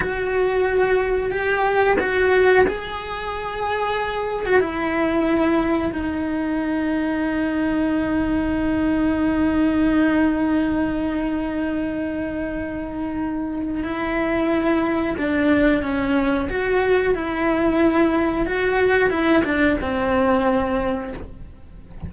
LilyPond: \new Staff \with { instrumentName = "cello" } { \time 4/4 \tempo 4 = 91 fis'2 g'4 fis'4 | gis'2~ gis'8. fis'16 e'4~ | e'4 dis'2.~ | dis'1~ |
dis'1~ | dis'4 e'2 d'4 | cis'4 fis'4 e'2 | fis'4 e'8 d'8 c'2 | }